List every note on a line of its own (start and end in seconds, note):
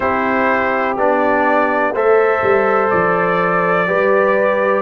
0.00 0.96 C4
0.00 0.97 E4
0.00 1.93 G4
0.00 0.96 C5
0.96 1.93 B3
0.96 1.94 D4
0.96 1.95 D5
1.93 2.42 A3
1.93 3.87 A4
1.93 3.86 C5
1.93 2.89 E5
2.43 2.91 G3
2.89 3.90 F3
2.89 4.81 D5
3.87 4.81 G3
3.87 4.81 G4
3.87 4.81 B4